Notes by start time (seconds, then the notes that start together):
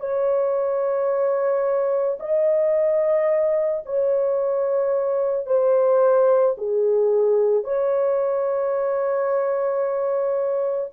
0.00 C#5
2.20 D#5
3.85 C#5
5.46 C5
6.58 G#4
7.64 C#5